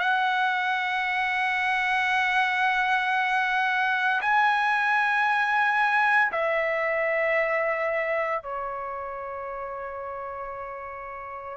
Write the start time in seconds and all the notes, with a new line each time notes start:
0.00 F#5
4.22 G#5
6.33 E5
8.43 C#5